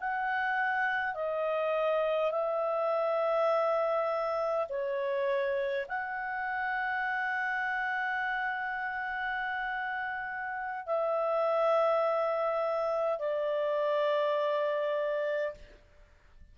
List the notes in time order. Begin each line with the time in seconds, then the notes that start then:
0.00 F#5
1.14 D#5
2.32 E5
4.69 C#5
5.88 F#5
10.86 E5
13.19 D5